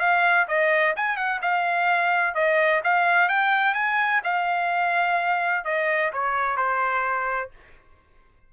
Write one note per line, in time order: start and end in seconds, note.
0.00 0.47 F5
0.48 0.95 D#5
0.97 1.17 G#5
1.17 1.40 F#5
1.42 2.35 F5
2.35 2.82 D#5
2.84 3.29 F5
3.29 3.75 G5
3.75 4.21 G#5
4.24 5.65 F5
5.65 6.12 D#5
6.13 6.57 C#5
6.57 7.51 C5